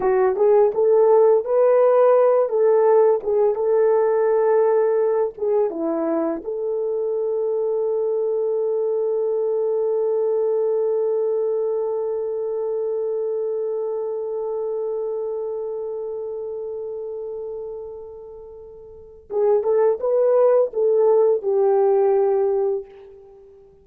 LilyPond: \new Staff \with { instrumentName = "horn" } { \time 4/4 \tempo 4 = 84 fis'8 gis'8 a'4 b'4. a'8~ | a'8 gis'8 a'2~ a'8 gis'8 | e'4 a'2.~ | a'1~ |
a'1~ | a'1~ | a'2. gis'8 a'8 | b'4 a'4 g'2 | }